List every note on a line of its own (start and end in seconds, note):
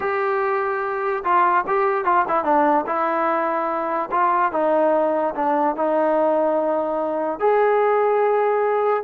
0.00 1.23 G4
1.23 1.65 F4
1.67 2.04 G4
2.04 2.25 F4
2.28 2.44 E4
2.44 2.85 D4
2.86 4.09 E4
4.11 4.52 F4
4.52 5.34 D#4
5.35 5.75 D4
5.75 7.39 D#4
7.39 9.03 G#4